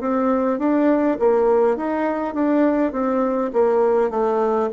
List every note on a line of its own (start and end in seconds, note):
0.00 0.58 C4
0.58 1.17 D4
1.19 1.76 A#3
1.76 2.34 D#4
2.34 2.91 D4
2.91 3.50 C4
3.53 4.10 A#3
4.10 4.69 A3